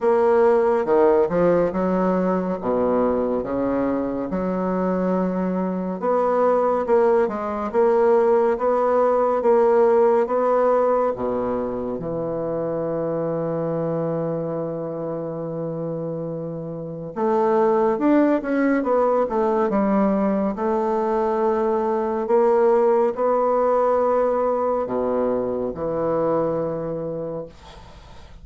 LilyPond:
\new Staff \with { instrumentName = "bassoon" } { \time 4/4 \tempo 4 = 70 ais4 dis8 f8 fis4 b,4 | cis4 fis2 b4 | ais8 gis8 ais4 b4 ais4 | b4 b,4 e2~ |
e1 | a4 d'8 cis'8 b8 a8 g4 | a2 ais4 b4~ | b4 b,4 e2 | }